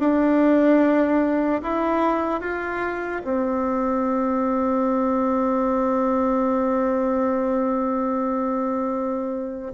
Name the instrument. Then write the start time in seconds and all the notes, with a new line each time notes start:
bassoon
0.00 D4
1.63 E4
2.41 F4
3.25 C4